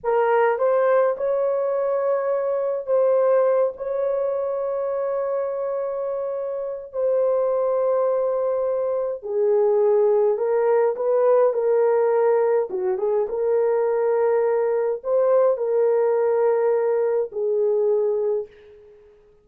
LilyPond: \new Staff \with { instrumentName = "horn" } { \time 4/4 \tempo 4 = 104 ais'4 c''4 cis''2~ | cis''4 c''4. cis''4.~ | cis''1 | c''1 |
gis'2 ais'4 b'4 | ais'2 fis'8 gis'8 ais'4~ | ais'2 c''4 ais'4~ | ais'2 gis'2 | }